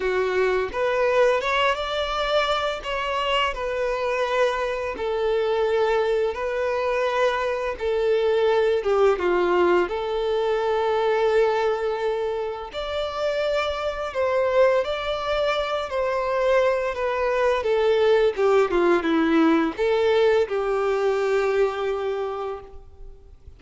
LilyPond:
\new Staff \with { instrumentName = "violin" } { \time 4/4 \tempo 4 = 85 fis'4 b'4 cis''8 d''4. | cis''4 b'2 a'4~ | a'4 b'2 a'4~ | a'8 g'8 f'4 a'2~ |
a'2 d''2 | c''4 d''4. c''4. | b'4 a'4 g'8 f'8 e'4 | a'4 g'2. | }